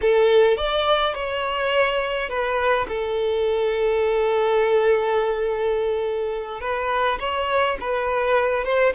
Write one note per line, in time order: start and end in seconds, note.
0.01 0.57 A4
0.57 1.14 D5
1.14 2.29 C#5
2.29 2.86 B4
2.88 6.61 A4
6.61 7.18 B4
7.19 7.77 C#5
7.80 8.64 B4
8.64 8.93 C5